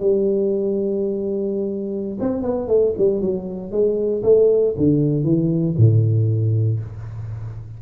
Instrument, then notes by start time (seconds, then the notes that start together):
tuba
0.00 G3
2.21 C4
2.42 B3
2.68 A3
2.98 G3
3.21 F#3
3.72 G#3
4.23 A3
4.77 D3
5.24 E3
5.77 A2